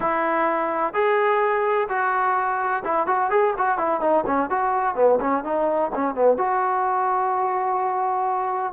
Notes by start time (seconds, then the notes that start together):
0.00 E4
0.93 G#4
1.88 F#4
2.84 E4
3.06 F#4
3.30 G#4
3.57 F#4
3.78 E4
4.00 D#4
4.26 C#4
4.49 F#4
4.95 B3
5.20 C#4
5.44 D#4
5.94 C#4
6.14 B3
6.37 F#4